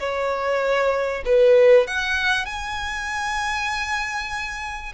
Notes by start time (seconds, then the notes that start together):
0.00 C#5
1.26 B4
1.88 F#5
2.46 G#5